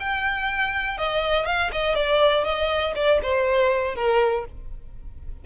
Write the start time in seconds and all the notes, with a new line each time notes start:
0.00 G5
0.98 D#5
1.46 F5
1.72 D#5
1.95 D5
2.45 D#5
2.95 D5
3.23 C5
3.96 A#4